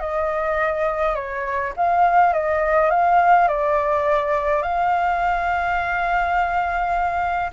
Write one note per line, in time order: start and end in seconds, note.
0.00 1.15 D#5
1.15 1.73 C#5
1.76 2.33 F5
2.33 2.90 D#5
2.90 3.48 F5
3.48 4.62 D5
4.62 7.51 F5